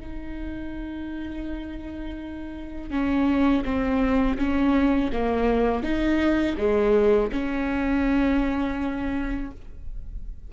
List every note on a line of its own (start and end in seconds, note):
0.00 2.91 D#4
2.91 3.64 C#4
3.65 4.38 C4
4.38 5.11 C#4
5.13 5.83 A#3
5.83 6.56 D#4
6.58 7.31 G#3
7.32 9.51 C#4